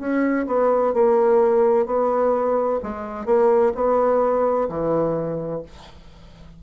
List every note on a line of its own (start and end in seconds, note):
0.00 0.47 C#4
0.47 0.94 B3
0.94 1.87 A#3
1.87 2.80 B3
2.83 3.26 G#3
3.26 3.73 A#3
3.75 4.69 B3
4.69 5.63 E3